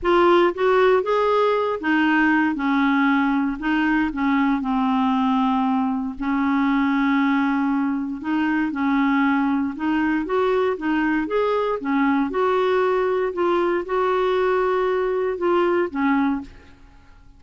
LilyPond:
\new Staff \with { instrumentName = "clarinet" } { \time 4/4 \tempo 4 = 117 f'4 fis'4 gis'4. dis'8~ | dis'4 cis'2 dis'4 | cis'4 c'2. | cis'1 |
dis'4 cis'2 dis'4 | fis'4 dis'4 gis'4 cis'4 | fis'2 f'4 fis'4~ | fis'2 f'4 cis'4 | }